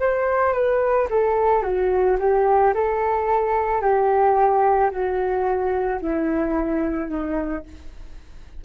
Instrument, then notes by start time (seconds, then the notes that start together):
flute
0.00 C5
0.53 B4
1.11 A4
1.63 F#4
2.20 G4
2.74 A4
3.82 G4
4.91 F#4
6.02 E4
7.09 D#4